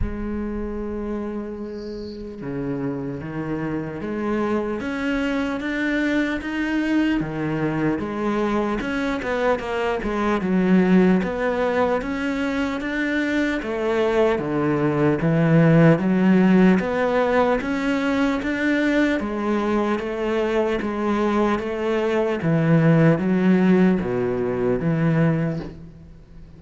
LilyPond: \new Staff \with { instrumentName = "cello" } { \time 4/4 \tempo 4 = 75 gis2. cis4 | dis4 gis4 cis'4 d'4 | dis'4 dis4 gis4 cis'8 b8 | ais8 gis8 fis4 b4 cis'4 |
d'4 a4 d4 e4 | fis4 b4 cis'4 d'4 | gis4 a4 gis4 a4 | e4 fis4 b,4 e4 | }